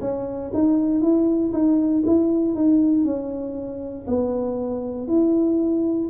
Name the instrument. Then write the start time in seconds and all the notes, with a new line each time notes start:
tuba
0.00 C#4
0.53 D#4
1.01 E4
1.53 D#4
2.06 E4
2.55 D#4
3.04 C#4
4.07 B3
5.08 E4